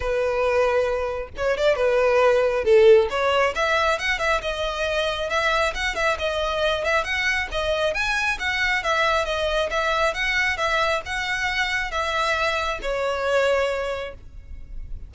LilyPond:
\new Staff \with { instrumentName = "violin" } { \time 4/4 \tempo 4 = 136 b'2. cis''8 d''8 | b'2 a'4 cis''4 | e''4 fis''8 e''8 dis''2 | e''4 fis''8 e''8 dis''4. e''8 |
fis''4 dis''4 gis''4 fis''4 | e''4 dis''4 e''4 fis''4 | e''4 fis''2 e''4~ | e''4 cis''2. | }